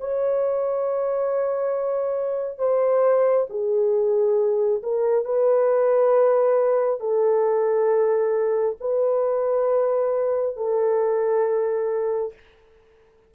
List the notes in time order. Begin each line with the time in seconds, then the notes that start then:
0.00 C#5
2.59 C5
3.50 G#4
4.83 A#4
5.25 B4
7.00 A4
8.81 B4
10.57 A4